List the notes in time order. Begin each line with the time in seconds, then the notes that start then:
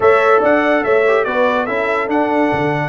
0.00 A3 A4 C#5 E5
0.40 D4 D5 F#5
0.84 A3 C#5 E5
1.07 G4
1.24 B3 F#4 B4 D5
1.63 C#4 E4 A4 E5
2.08 D4 F#5
2.52 D3